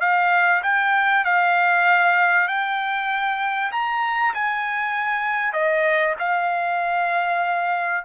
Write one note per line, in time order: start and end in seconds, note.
0.00 0.62 F5
0.63 1.25 G5
1.25 2.47 F5
2.47 3.71 G5
3.72 4.34 A#5
4.34 5.53 G#5
5.53 6.15 D#5
6.19 8.04 F5